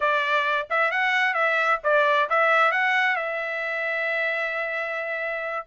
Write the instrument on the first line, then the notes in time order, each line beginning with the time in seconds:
trumpet
0.00 D5
0.69 E5
0.91 F#5
1.34 E5
1.83 D5
2.29 E5
2.71 F#5
3.16 E5